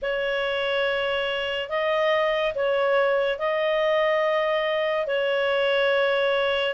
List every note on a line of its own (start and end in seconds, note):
0.02 1.69 C#5
1.69 2.54 D#5
2.54 3.38 C#5
3.38 5.07 D#5
5.07 6.74 C#5